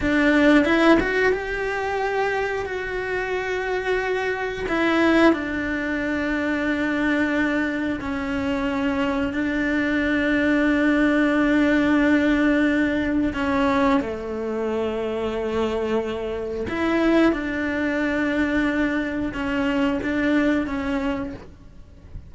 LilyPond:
\new Staff \with { instrumentName = "cello" } { \time 4/4 \tempo 4 = 90 d'4 e'8 fis'8 g'2 | fis'2. e'4 | d'1 | cis'2 d'2~ |
d'1 | cis'4 a2.~ | a4 e'4 d'2~ | d'4 cis'4 d'4 cis'4 | }